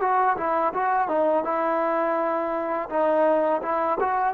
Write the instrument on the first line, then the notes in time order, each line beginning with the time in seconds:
trombone
0.00 F#4
0.37 E4
0.73 F#4
1.08 D#4
1.44 E4
2.89 D#4
3.62 E4
4.00 F#4